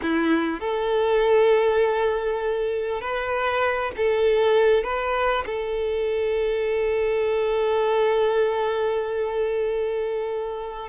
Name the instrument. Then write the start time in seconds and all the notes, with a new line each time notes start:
violin
0.02 E4
0.60 A4
3.01 B4
3.97 A4
4.83 B4
5.45 A4